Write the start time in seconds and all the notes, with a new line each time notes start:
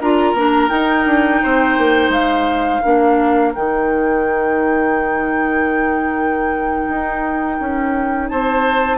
0.00 D4 F4 A#4 A#5
0.33 A#3 D4
0.68 D#4 G5
1.05 D4
1.43 C4 C5
1.78 A#3
2.09 G#3 F5
2.82 A#3 D4 A#4
3.54 D#3 D#4 G5
6.88 D#4
7.60 C#4
8.29 C4 C5 A5